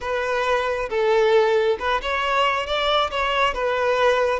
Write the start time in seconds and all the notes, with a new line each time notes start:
0.00 B4
0.89 A4
1.79 B4
2.01 C#5
2.66 D5
3.10 C#5
3.54 B4